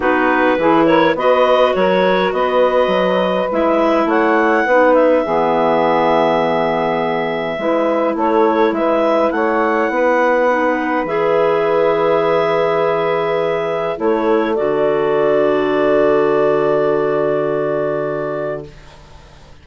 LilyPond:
<<
  \new Staff \with { instrumentName = "clarinet" } { \time 4/4 \tempo 4 = 103 b'4. cis''8 dis''4 cis''4 | dis''2 e''4 fis''4~ | fis''8 e''2.~ e''8~ | e''2 cis''4 e''4 |
fis''2. e''4~ | e''1 | cis''4 d''2.~ | d''1 | }
  \new Staff \with { instrumentName = "saxophone" } { \time 4/4 fis'4 gis'8 ais'8 b'4 ais'4 | b'2. cis''4 | b'4 gis'2.~ | gis'4 b'4 a'4 b'4 |
cis''4 b'2.~ | b'1 | a'1~ | a'1 | }
  \new Staff \with { instrumentName = "clarinet" } { \time 4/4 dis'4 e'4 fis'2~ | fis'2 e'2 | dis'4 b2.~ | b4 e'2.~ |
e'2 dis'4 gis'4~ | gis'1 | e'4 fis'2.~ | fis'1 | }
  \new Staff \with { instrumentName = "bassoon" } { \time 4/4 b4 e4 b4 fis4 | b4 fis4 gis4 a4 | b4 e2.~ | e4 gis4 a4 gis4 |
a4 b2 e4~ | e1 | a4 d2.~ | d1 | }
>>